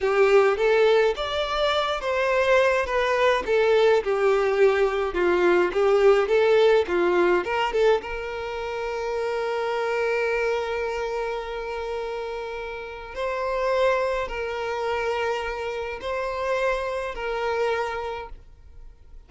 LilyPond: \new Staff \with { instrumentName = "violin" } { \time 4/4 \tempo 4 = 105 g'4 a'4 d''4. c''8~ | c''4 b'4 a'4 g'4~ | g'4 f'4 g'4 a'4 | f'4 ais'8 a'8 ais'2~ |
ais'1~ | ais'2. c''4~ | c''4 ais'2. | c''2 ais'2 | }